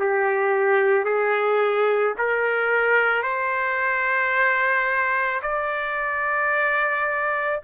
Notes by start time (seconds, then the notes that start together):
0.00 G4
1.05 G#4
2.18 A#4
3.23 C5
5.42 D5